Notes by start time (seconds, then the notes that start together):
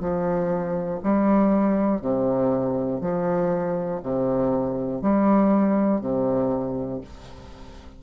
0.00 F3
1.03 G3
2.01 C3
3.01 F3
4.02 C3
5.01 G3
6.01 C3